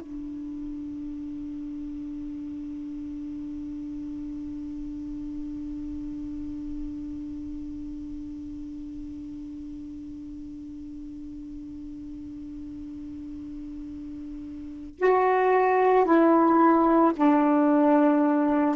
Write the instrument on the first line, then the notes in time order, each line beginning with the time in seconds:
saxophone
0.00 D4
14.99 F#4
16.05 E4
17.17 D4